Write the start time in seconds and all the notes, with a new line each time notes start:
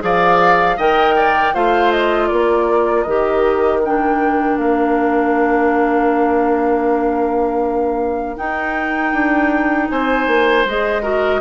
0.00 F3 G#4 D5 F5
0.77 D#3 A#4 D#5 G5
1.16 D5
1.54 A3 F4 C5 F5
1.91 D#5
2.28 A#3 A#4 D5
3.02 D#3 G4 D#5
3.84 D4 G5
4.57 A#3 F5
8.36 D#4 G5
9.13 D4
9.90 C4 C5 G#5
10.27 A#3
10.65 G#3 G#4 D#5
11.02 F#4 A#4